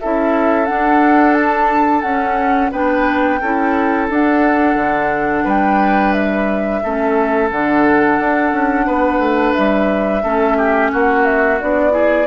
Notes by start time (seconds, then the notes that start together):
0.00 C#4 E4 A4 E5
0.66 D4 F#5
1.34 A5
2.02 C#4 F#5
2.72 B3 D4 B4 G5
3.42 C#4 E4 A4
4.10 D4 F#5
4.76 D3
5.44 G3 B4 G5
6.13 E5
6.84 A3 C#4 A4
7.51 D3 D4 F#5
8.20 D4
8.52 C#4
8.87 B3 B4
9.19 A3
9.54 G3 E5
10.23 A3 C#4 A4
10.58 G4
10.92 A#3 F#4 F#5
11.26 E5
11.61 B3 D4 D5
11.91 E4 G#4